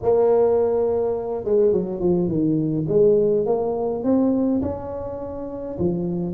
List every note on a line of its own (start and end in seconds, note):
0.02 1.44 A#3
1.44 1.72 G#3
1.72 2.00 F#3
2.00 2.28 F3
2.28 2.85 D#3
2.88 3.45 G#3
3.45 4.03 A#3
4.03 4.61 C4
4.62 5.77 C#4
5.78 6.34 F3